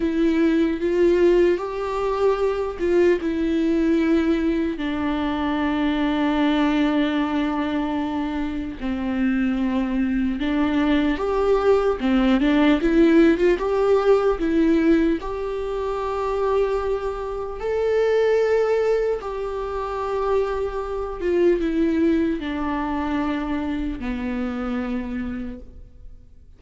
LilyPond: \new Staff \with { instrumentName = "viola" } { \time 4/4 \tempo 4 = 75 e'4 f'4 g'4. f'8 | e'2 d'2~ | d'2. c'4~ | c'4 d'4 g'4 c'8 d'8 |
e'8. f'16 g'4 e'4 g'4~ | g'2 a'2 | g'2~ g'8 f'8 e'4 | d'2 b2 | }